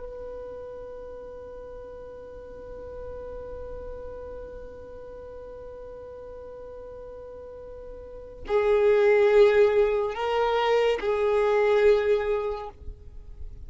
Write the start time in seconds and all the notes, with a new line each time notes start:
0.00 B4
8.48 G#4
10.15 A#4
11.01 G#4